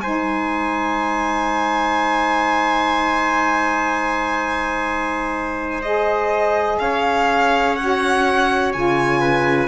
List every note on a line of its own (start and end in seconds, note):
0.00 6.77 G#3
0.00 5.83 D#4
0.00 6.80 C5
0.00 5.81 G#5
5.82 7.78 G#4
5.82 6.79 D#5
6.79 8.74 C#4
6.79 9.20 C#5
6.79 7.75 F5
7.75 8.74 F#4
7.75 8.72 F#5
8.73 9.68 C#3
8.73 9.68 F4
8.73 9.68 G#5
9.20 9.68 B4